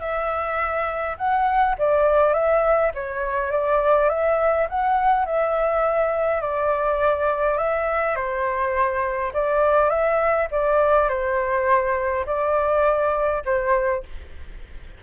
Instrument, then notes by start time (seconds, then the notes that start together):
flute
0.00 E5
1.17 F#5
1.78 D5
2.34 E5
2.94 C#5
3.51 D5
4.09 E5
4.69 F#5
5.26 E5
6.41 D5
7.58 E5
8.15 C5
9.33 D5
9.89 E5
10.51 D5
11.09 C5
12.26 D5
13.45 C5